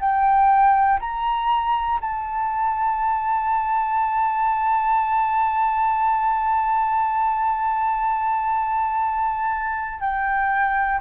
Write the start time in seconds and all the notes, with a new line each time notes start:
0.00 G5
1.00 A#5
2.01 A5
10.01 G5